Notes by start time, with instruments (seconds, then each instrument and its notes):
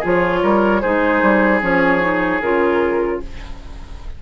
0.00 bassoon F3, clarinet F4, oboe G#4, flute C#5
0.43 bassoon G3, oboe A#4
0.81 bassoon G#3, clarinet D#4, oboe G#4, flute C5
1.22 bassoon G3
1.61 bassoon F3, clarinet C#4, flute C#5
2.00 clarinet D#4
2.41 bassoon C#3, clarinet F4, flute A#4